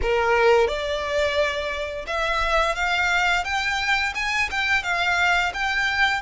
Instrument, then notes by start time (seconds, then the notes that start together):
violin
0.02 A#4
0.67 D5
2.07 E5
2.75 F5
3.44 G5
4.14 G#5
4.50 G5
4.83 F5
5.53 G5